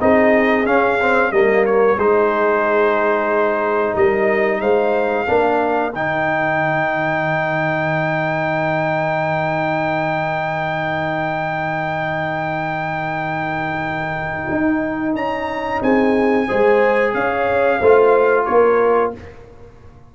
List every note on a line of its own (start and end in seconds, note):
0.00 0.66 C4
0.00 0.66 D#4
0.00 1.34 G#4
0.00 0.67 D#5
0.66 1.32 C#4
0.66 1.00 C#4
0.66 1.32 F5
1.01 1.33 C4
1.32 1.98 G3
1.32 1.99 A#3
1.32 1.98 A#4
1.32 1.65 D#5
1.66 1.99 C#5
1.98 3.95 G#3
1.98 5.27 D#4
1.98 3.94 G#4
1.98 3.96 C5
3.94 4.61 G3
3.94 4.60 A#4
3.94 4.61 D#5
4.61 5.27 G#3
4.61 5.27 C5
4.61 5.93 F5
5.27 5.94 A#3
5.27 5.93 D4
5.27 15.82 A#4
5.94 14.51 D#3
5.94 16.49 D#4
5.94 15.16 G5
14.51 15.15 D#4
15.15 15.81 C#4
15.15 15.82 A#5
15.83 16.48 C4
15.83 16.48 G#4
15.83 17.15 G#5
16.48 17.14 G#3
16.48 17.81 G#4
16.48 17.14 C5
17.14 17.80 C#4
17.14 17.80 C#5
17.14 18.46 F5
17.80 18.47 A3
17.80 19.15 F4
17.80 18.46 C5
18.46 19.15 A#3
18.46 19.15 A#4
18.46 19.12 C#5